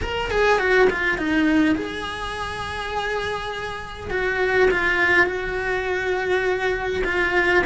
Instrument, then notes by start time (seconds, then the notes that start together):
cello
0.01 A#4
0.30 G#4
0.58 F#4
0.90 F4
1.18 D#4
1.75 G#4
4.10 F#4
4.70 F4
5.26 F#4
7.04 F4